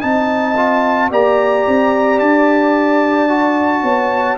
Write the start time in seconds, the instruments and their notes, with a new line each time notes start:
0.00 tuba C4, trombone D#4, horn D#5, trumpet A5
0.56 trombone F4
1.10 tuba A#3, trombone G4, horn D5, trumpet A#5
1.67 tuba C4
2.19 tuba D4, trumpet A5
3.28 trombone F#4
3.82 tuba B3, horn C#5